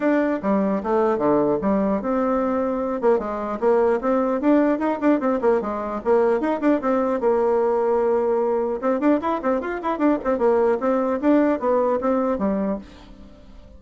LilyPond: \new Staff \with { instrumentName = "bassoon" } { \time 4/4 \tempo 4 = 150 d'4 g4 a4 d4 | g4 c'2~ c'8 ais8 | gis4 ais4 c'4 d'4 | dis'8 d'8 c'8 ais8 gis4 ais4 |
dis'8 d'8 c'4 ais2~ | ais2 c'8 d'8 e'8 c'8 | f'8 e'8 d'8 c'8 ais4 c'4 | d'4 b4 c'4 g4 | }